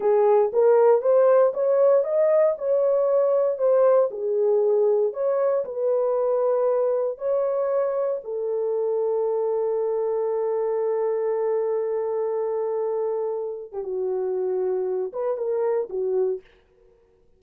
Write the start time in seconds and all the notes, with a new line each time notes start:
0.00 G#4
0.52 A#4
1.01 C5
1.53 C#5
2.04 D#5
2.58 C#5
3.58 C5
4.10 G#4
5.13 C#5
5.65 B4
7.17 C#5
8.24 A4
13.72 G4
13.83 F#4
15.13 B4
15.37 A#4
15.89 F#4